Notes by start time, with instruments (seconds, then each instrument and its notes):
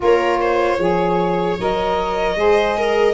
0.00 tuba A#3, saxophone F4, viola A#4, violin C#5
0.41 viola C5
0.78 tuba F3, saxophone G#4, viola C#5
1.59 tuba F#3, saxophone A#4, violin D#5
2.35 tuba G#3, saxophone G#4, viola C5
2.77 viola A#4